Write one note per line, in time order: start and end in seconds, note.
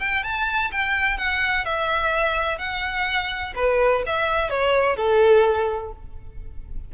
0.00 0.23 G5
0.23 0.71 A5
0.71 1.17 G5
1.17 1.65 F#5
1.65 2.58 E5
2.58 3.54 F#5
3.56 4.03 B4
4.06 4.50 E5
4.50 4.97 C#5
4.97 5.92 A4